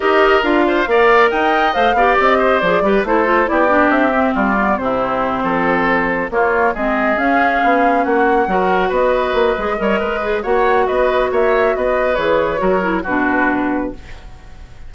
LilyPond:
<<
  \new Staff \with { instrumentName = "flute" } { \time 4/4 \tempo 4 = 138 dis''4 f''2 g''4 | f''4 dis''4 d''4 c''4 | d''4 e''4 d''4 c''4~ | c''2~ c''8 cis''4 dis''8~ |
dis''8 f''2 fis''4.~ | fis''8 dis''2.~ dis''8 | fis''4 dis''4 e''4 dis''4 | cis''2 b'2 | }
  \new Staff \with { instrumentName = "oboe" } { \time 4/4 ais'4. c''8 d''4 dis''4~ | dis''8 d''4 c''4 b'8 a'4 | g'2 f'4 e'4~ | e'8 a'2 f'4 gis'8~ |
gis'2~ gis'8 fis'4 ais'8~ | ais'8 b'2 cis''8 b'4 | cis''4 b'4 cis''4 b'4~ | b'4 ais'4 fis'2 | }
  \new Staff \with { instrumentName = "clarinet" } { \time 4/4 g'4 f'4 ais'2 | c''8 g'4. gis'8 g'8 e'8 f'8 | e'8 d'4 c'4 b8 c'4~ | c'2~ c'8 ais4 c'8~ |
c'8 cis'2. fis'8~ | fis'2 gis'8 ais'4 gis'8 | fis'1 | gis'4 fis'8 e'8 d'2 | }
  \new Staff \with { instrumentName = "bassoon" } { \time 4/4 dis'4 d'4 ais4 dis'4 | a8 b8 c'4 f8 g8 a4 | b4 c'4 g4 c4~ | c8 f2 ais4 gis8~ |
gis8 cis'4 b4 ais4 fis8~ | fis8 b4 ais8 gis8 g8 gis4 | ais4 b4 ais4 b4 | e4 fis4 b,2 | }
>>